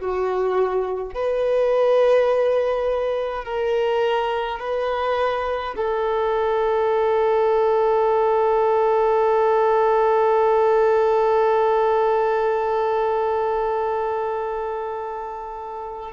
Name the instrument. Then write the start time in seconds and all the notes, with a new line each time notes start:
violin
0.00 F#4
1.14 B4
3.44 A#4
4.59 B4
5.76 A4